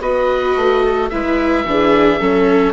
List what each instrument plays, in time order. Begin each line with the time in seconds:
0.00 bassoon B3, viola F#4 B4, oboe D#5
0.55 bassoon A3
0.83 viola A4
1.09 bassoon G#3, viola E4 B4, oboe E5
1.65 bassoon E3, viola D4 G#4
2.19 bassoon F#3, viola C#4 A4